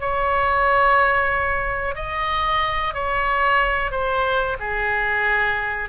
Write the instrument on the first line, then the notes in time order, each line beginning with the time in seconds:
oboe
0.00 C#5
1.95 D#5
2.94 C#5
3.91 C5
4.59 G#4